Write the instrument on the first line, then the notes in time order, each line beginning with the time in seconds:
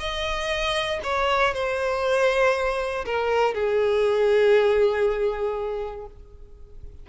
violin
0.00 D#5
1.04 C#5
1.54 C5
3.06 A#4
3.55 G#4